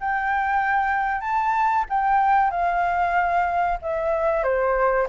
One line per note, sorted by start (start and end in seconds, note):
0.00 1.21 G5
1.21 1.85 A5
1.89 2.50 G5
2.50 3.78 F5
3.81 4.43 E5
4.43 5.07 C5